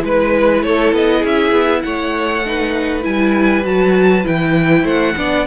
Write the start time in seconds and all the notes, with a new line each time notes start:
0.00 G#3 E4 B4
0.64 A3 A4 C#5
0.93 B3 D#5
1.20 C#4 G#4
1.26 E5
1.52 B3
1.83 A3 C#5 F#5
2.46 D#4 B4
3.03 G3 E4 G#5
3.64 F#3 F#4 A5
4.24 E3 E4 G5
4.83 A3 C5 F#5
5.17 B3 D4 D5